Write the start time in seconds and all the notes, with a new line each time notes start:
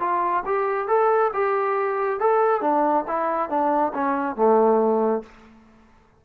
0.00 F4
0.46 G4
0.88 A4
1.33 G4
2.20 A4
2.61 D4
3.08 E4
3.49 D4
3.94 C#4
4.36 A3